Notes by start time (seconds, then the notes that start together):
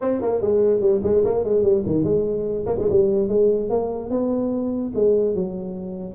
0.01 C4
0.21 A#3
0.41 G#3
0.80 G3
1.03 G#3
1.24 A#3
1.43 G#3
1.63 G3
1.85 D#3
2.04 G#3
2.66 A#3
2.78 G#3
2.90 G3
3.28 G#3
3.69 A#3
4.10 B3
4.94 G#3
5.34 F#3